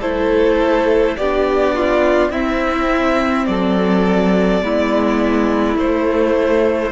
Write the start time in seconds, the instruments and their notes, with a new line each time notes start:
0.00 cello A3, viola E4, violin A4 C5
1.17 cello B3, viola D4, violin G4 D5
1.75 violin F4
2.30 cello C4, viola C4, violin E4 E5
3.46 cello F#3, violin A4 D5
4.62 cello G#3, viola B3, violin E4
5.76 cello A3, viola A3, violin C5